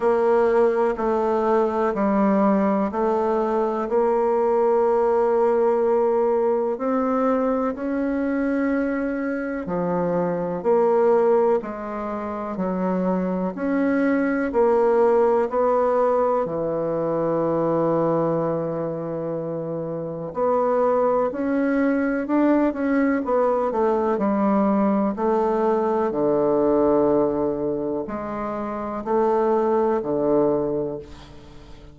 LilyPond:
\new Staff \with { instrumentName = "bassoon" } { \time 4/4 \tempo 4 = 62 ais4 a4 g4 a4 | ais2. c'4 | cis'2 f4 ais4 | gis4 fis4 cis'4 ais4 |
b4 e2.~ | e4 b4 cis'4 d'8 cis'8 | b8 a8 g4 a4 d4~ | d4 gis4 a4 d4 | }